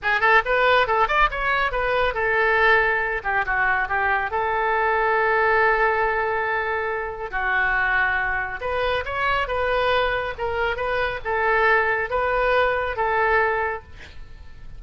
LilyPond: \new Staff \with { instrumentName = "oboe" } { \time 4/4 \tempo 4 = 139 gis'8 a'8 b'4 a'8 d''8 cis''4 | b'4 a'2~ a'8 g'8 | fis'4 g'4 a'2~ | a'1~ |
a'4 fis'2. | b'4 cis''4 b'2 | ais'4 b'4 a'2 | b'2 a'2 | }